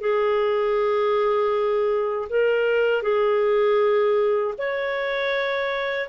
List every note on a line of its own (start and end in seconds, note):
0.00 2.28 G#4
2.29 3.02 A#4
3.02 4.54 G#4
4.58 6.09 C#5